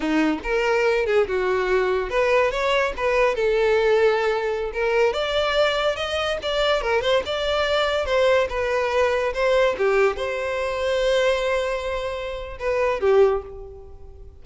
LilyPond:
\new Staff \with { instrumentName = "violin" } { \time 4/4 \tempo 4 = 143 dis'4 ais'4. gis'8 fis'4~ | fis'4 b'4 cis''4 b'4 | a'2.~ a'16 ais'8.~ | ais'16 d''2 dis''4 d''8.~ |
d''16 ais'8 c''8 d''2 c''8.~ | c''16 b'2 c''4 g'8.~ | g'16 c''2.~ c''8.~ | c''2 b'4 g'4 | }